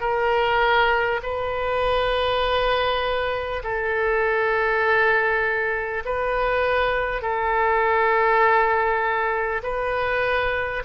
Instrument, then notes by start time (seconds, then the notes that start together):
oboe
0.00 A#4
1.23 B4
3.63 A4
6.05 B4
7.22 A4
9.63 B4